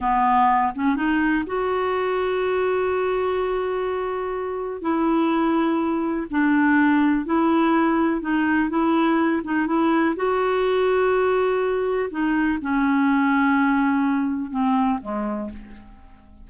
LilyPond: \new Staff \with { instrumentName = "clarinet" } { \time 4/4 \tempo 4 = 124 b4. cis'8 dis'4 fis'4~ | fis'1~ | fis'2 e'2~ | e'4 d'2 e'4~ |
e'4 dis'4 e'4. dis'8 | e'4 fis'2.~ | fis'4 dis'4 cis'2~ | cis'2 c'4 gis4 | }